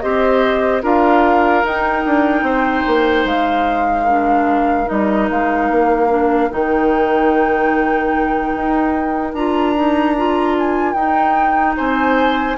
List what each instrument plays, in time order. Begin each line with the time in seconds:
0.00 bassoon C4, clarinet G4, oboe C5, flute D#5
0.82 bassoon D4, clarinet F4, oboe A#4, flute F5
1.64 bassoon D#4, clarinet D#4, flute G5
2.05 bassoon D4
2.42 bassoon C4, oboe C5
2.87 bassoon A#3
3.25 bassoon G#3, flute F5
4.04 clarinet D4, oboe A#4
4.85 bassoon G3, clarinet D#4, flute D#5
5.30 bassoon G#3, flute F5
5.70 bassoon A#3
6.08 clarinet D4
6.50 bassoon D#3, clarinet D#4, flute G5
8.55 bassoon D#4
9.33 bassoon D4, clarinet F4, flute A#5
9.75 clarinet D#4
10.16 clarinet F4
10.58 flute G#5
10.93 bassoon D#4, clarinet D#4, flute G5
11.77 bassoon C4, oboe C5, flute G#5